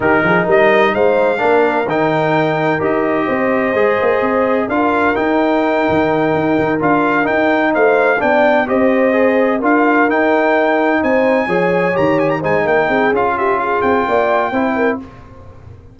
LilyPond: <<
  \new Staff \with { instrumentName = "trumpet" } { \time 4/4 \tempo 4 = 128 ais'4 dis''4 f''2 | g''2 dis''2~ | dis''2 f''4 g''4~ | g''2~ g''8 f''4 g''8~ |
g''8 f''4 g''4 dis''4.~ | dis''8 f''4 g''2 gis''8~ | gis''4. ais''8 gis''16 ais''16 gis''8 g''4 | f''8 e''8 f''8 g''2~ g''8 | }
  \new Staff \with { instrumentName = "horn" } { \time 4/4 g'8 gis'8 ais'4 c''4 ais'4~ | ais'2. c''4~ | c''2 ais'2~ | ais'1~ |
ais'8 c''4 d''4 c''4.~ | c''8 ais'2. c''8~ | c''8 cis''2 c''8 ais'8 gis'8~ | gis'8 g'8 gis'4 d''4 c''8 ais'8 | }
  \new Staff \with { instrumentName = "trombone" } { \time 4/4 dis'2. d'4 | dis'2 g'2 | gis'2 f'4 dis'4~ | dis'2~ dis'8 f'4 dis'8~ |
dis'4. d'4 g'4 gis'8~ | gis'8 f'4 dis'2~ dis'8~ | dis'8 gis'4 g'4 dis'4. | f'2. e'4 | }
  \new Staff \with { instrumentName = "tuba" } { \time 4/4 dis8 f8 g4 gis4 ais4 | dis2 dis'4 c'4 | gis8 ais8 c'4 d'4 dis'4~ | dis'8 dis4 dis'8 dis8 d'4 dis'8~ |
dis'8 a4 b4 c'4.~ | c'8 d'4 dis'2 c'8~ | c'8 f4 dis4 gis8 ais8 c'8 | cis'4. c'8 ais4 c'4 | }
>>